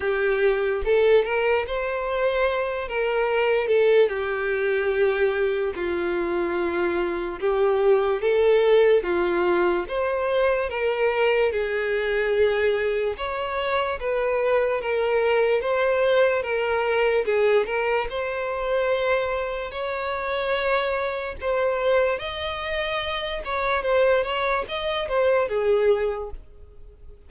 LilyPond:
\new Staff \with { instrumentName = "violin" } { \time 4/4 \tempo 4 = 73 g'4 a'8 ais'8 c''4. ais'8~ | ais'8 a'8 g'2 f'4~ | f'4 g'4 a'4 f'4 | c''4 ais'4 gis'2 |
cis''4 b'4 ais'4 c''4 | ais'4 gis'8 ais'8 c''2 | cis''2 c''4 dis''4~ | dis''8 cis''8 c''8 cis''8 dis''8 c''8 gis'4 | }